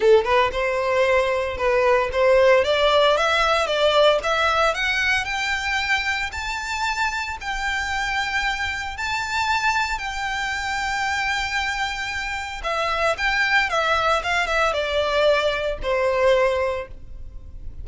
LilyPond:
\new Staff \with { instrumentName = "violin" } { \time 4/4 \tempo 4 = 114 a'8 b'8 c''2 b'4 | c''4 d''4 e''4 d''4 | e''4 fis''4 g''2 | a''2 g''2~ |
g''4 a''2 g''4~ | g''1 | e''4 g''4 e''4 f''8 e''8 | d''2 c''2 | }